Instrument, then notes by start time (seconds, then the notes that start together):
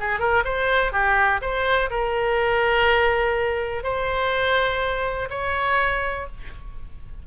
oboe
0.00 G#4
0.19 A#4
0.44 C5
0.92 G4
1.41 C5
1.90 A#4
3.83 C5
5.30 C#5